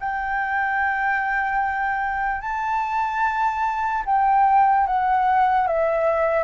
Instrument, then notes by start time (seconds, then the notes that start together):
flute
0.00 G5
2.41 A5
4.06 G5
4.87 F#5
5.67 E5